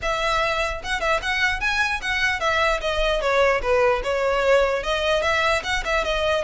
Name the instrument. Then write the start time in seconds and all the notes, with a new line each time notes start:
violin
0.02 E5
0.83 F#5
1.00 E5
1.22 F#5
1.60 G#5
2.01 F#5
2.40 E5
2.80 D#5
3.21 C#5
3.61 B4
4.03 C#5
4.83 D#5
5.22 E5
5.63 F#5
5.84 E5
6.04 D#5